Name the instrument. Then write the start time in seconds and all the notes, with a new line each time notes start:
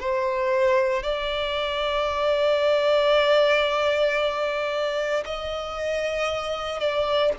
violin
0.00 C5
1.03 D5
5.25 D#5
6.80 D5